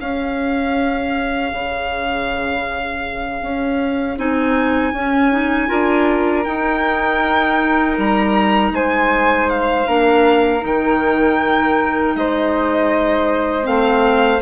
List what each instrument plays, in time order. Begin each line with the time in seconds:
0.00 bassoon C#4, clarinet C#4, flute G#4, violin F5
1.53 bassoon C#3
3.42 bassoon C#4
4.17 bassoon C4, clarinet D#4, violin G#5
4.93 bassoon C#4, clarinet C#4
5.32 clarinet D#4
5.68 bassoon D4, clarinet F4, flute A#4
6.44 clarinet D#4, bassoon D#4, violin G5
7.97 bassoon G3, violin A#5
8.71 bassoon G#3, flute C5, violin G#5
9.50 violin F5
9.87 bassoon A#3, clarinet D4, flute A#4
10.60 bassoon D#3, clarinet D#4
10.66 violin G5
12.15 bassoon G#3, flute C5, violin D#5
13.63 bassoon A3, clarinet C4, violin F5